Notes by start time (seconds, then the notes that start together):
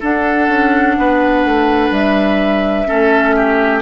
0.00 D4 A4 F#5
0.48 C#4
0.98 B3 B4
1.44 A3
1.90 G3 E5
2.86 A3 C#4 A4
3.36 G4